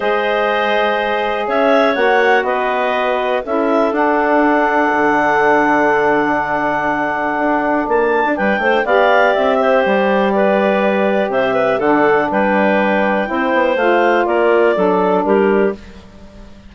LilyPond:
<<
  \new Staff \with { instrumentName = "clarinet" } { \time 4/4 \tempo 4 = 122 dis''2. e''4 | fis''4 dis''2 e''4 | fis''1~ | fis''1 |
a''4 g''4 f''4 e''4 | d''2. e''4 | fis''4 g''2. | f''4 d''2 ais'4 | }
  \new Staff \with { instrumentName = "clarinet" } { \time 4/4 c''2. cis''4~ | cis''4 b'2 a'4~ | a'1~ | a'1~ |
a'4 b'8 c''8 d''4. c''8~ | c''4 b'2 c''8 b'8 | a'4 b'2 c''4~ | c''4 ais'4 a'4 g'4 | }
  \new Staff \with { instrumentName = "saxophone" } { \time 4/4 gis'1 | fis'2. e'4 | d'1~ | d'1~ |
d'2 g'2~ | g'1 | d'2. e'4 | f'2 d'2 | }
  \new Staff \with { instrumentName = "bassoon" } { \time 4/4 gis2. cis'4 | ais4 b2 cis'4 | d'2 d2~ | d2. d'4 |
ais8. d'16 g8 a8 b4 c'4 | g2. c4 | d4 g2 c'8 b8 | a4 ais4 fis4 g4 | }
>>